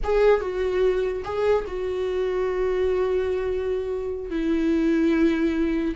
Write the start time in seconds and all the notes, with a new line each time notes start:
0.03 G#4
0.41 F#4
1.24 G#4
1.67 F#4
4.30 E4